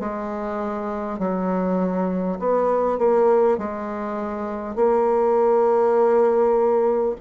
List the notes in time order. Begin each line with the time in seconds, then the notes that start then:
0.00 G#3
1.19 F#3
2.40 B3
2.99 A#3
3.59 G#3
4.76 A#3